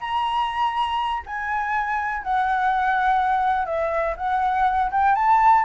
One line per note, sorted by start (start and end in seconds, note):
0.00 1.23 A#5
1.26 2.23 G#5
2.23 3.65 F#5
3.65 4.15 E5
4.17 4.90 F#5
4.91 5.15 G5
5.15 5.64 A5